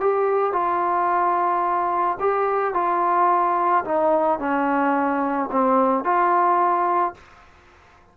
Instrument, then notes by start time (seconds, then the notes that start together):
trombone
0.00 G4
0.53 F4
2.20 G4
2.74 F4
3.85 D#4
4.39 C#4
5.51 C4
6.04 F4